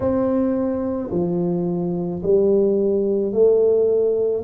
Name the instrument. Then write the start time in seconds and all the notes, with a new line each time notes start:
tuba
0.00 C4
1.11 F3
2.22 G3
3.32 A3